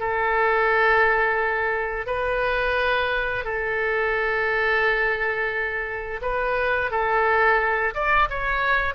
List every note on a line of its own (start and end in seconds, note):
0.00 2.07 A4
2.07 3.45 B4
3.45 6.21 A4
6.22 6.91 B4
6.91 7.94 A4
7.95 8.29 D5
8.30 8.95 C#5